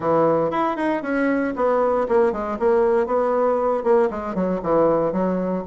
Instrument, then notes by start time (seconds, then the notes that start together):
bassoon
0.00 E3
0.50 E4
0.76 D#4
1.02 C#4
1.55 B3
2.08 A#3
2.32 G#3
2.59 A#3
3.06 B3
3.83 A#3
4.10 G#3
4.34 F#3
4.62 E3
5.12 F#3